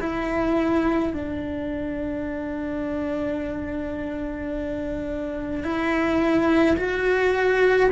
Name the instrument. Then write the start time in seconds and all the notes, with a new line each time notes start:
cello
0.00 E4
1.13 D4
5.63 E4
6.76 F#4